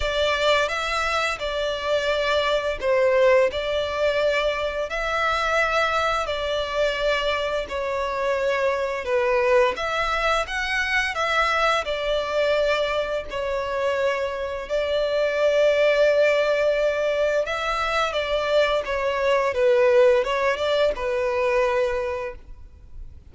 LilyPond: \new Staff \with { instrumentName = "violin" } { \time 4/4 \tempo 4 = 86 d''4 e''4 d''2 | c''4 d''2 e''4~ | e''4 d''2 cis''4~ | cis''4 b'4 e''4 fis''4 |
e''4 d''2 cis''4~ | cis''4 d''2.~ | d''4 e''4 d''4 cis''4 | b'4 cis''8 d''8 b'2 | }